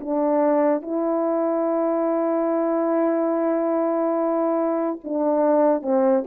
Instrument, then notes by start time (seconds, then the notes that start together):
horn
0.00 D4
0.81 E4
5.03 D4
5.82 C4